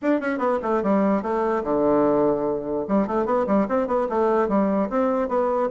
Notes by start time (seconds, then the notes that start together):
0.02 D4
0.20 C#4
0.38 B3
0.62 A3
0.82 G3
1.22 A3
1.63 D3
2.87 G3
3.07 A3
3.25 B3
3.46 G3
3.68 C4
3.87 B3
4.09 A3
4.48 G3
4.89 C4
5.28 B3